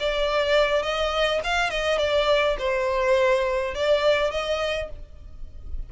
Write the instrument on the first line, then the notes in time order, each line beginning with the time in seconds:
violin
0.00 D5
0.82 D#5
1.44 F5
1.70 D#5
1.98 D5
2.58 C5
3.75 D5
4.31 D#5